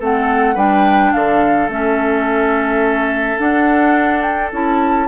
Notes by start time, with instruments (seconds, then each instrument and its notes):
0.00 bassoon A3, clarinet C4, oboe A4, flute F#5
0.55 bassoon G3, clarinet D4, oboe B4, flute G5
1.13 bassoon D3, oboe A4, flute F5
1.69 bassoon A3, clarinet C#4, flute E5
3.39 clarinet D4, bassoon D4, flute F#5
4.22 flute G5
4.52 bassoon C#4, clarinet E4, flute A5